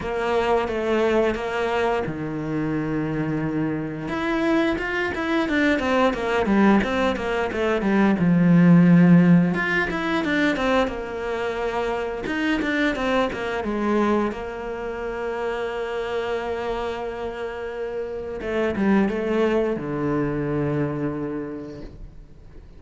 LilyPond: \new Staff \with { instrumentName = "cello" } { \time 4/4 \tempo 4 = 88 ais4 a4 ais4 dis4~ | dis2 e'4 f'8 e'8 | d'8 c'8 ais8 g8 c'8 ais8 a8 g8 | f2 f'8 e'8 d'8 c'8 |
ais2 dis'8 d'8 c'8 ais8 | gis4 ais2.~ | ais2. a8 g8 | a4 d2. | }